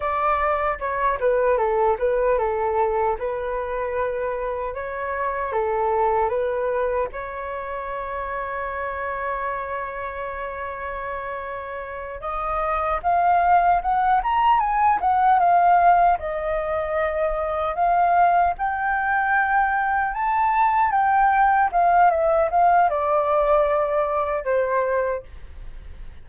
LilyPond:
\new Staff \with { instrumentName = "flute" } { \time 4/4 \tempo 4 = 76 d''4 cis''8 b'8 a'8 b'8 a'4 | b'2 cis''4 a'4 | b'4 cis''2.~ | cis''2.~ cis''8 dis''8~ |
dis''8 f''4 fis''8 ais''8 gis''8 fis''8 f''8~ | f''8 dis''2 f''4 g''8~ | g''4. a''4 g''4 f''8 | e''8 f''8 d''2 c''4 | }